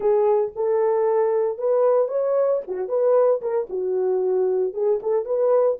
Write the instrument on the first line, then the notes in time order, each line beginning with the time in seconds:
horn
0.00 G#4
0.55 A4
1.57 B4
2.08 C#5
2.67 F#4
2.88 B4
3.41 A#4
3.69 F#4
4.73 G#4
5.02 A4
5.25 B4